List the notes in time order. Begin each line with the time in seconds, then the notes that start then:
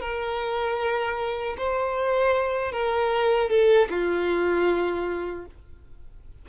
0.00 A#4
1.57 C5
2.72 A#4
3.49 A4
3.89 F4